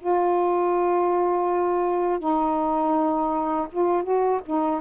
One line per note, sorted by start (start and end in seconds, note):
0.00 2.19 F4
2.19 3.67 D#4
3.71 4.03 F4
4.03 4.40 F#4
4.46 4.80 D#4